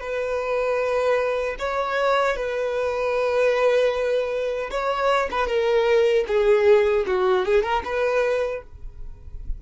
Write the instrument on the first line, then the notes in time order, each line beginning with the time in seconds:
violin
0.00 B4
1.59 C#5
2.37 B4
4.71 C#5
5.31 B4
5.47 A#4
6.28 G#4
7.07 F#4
7.46 G#4
7.63 A#4
7.85 B4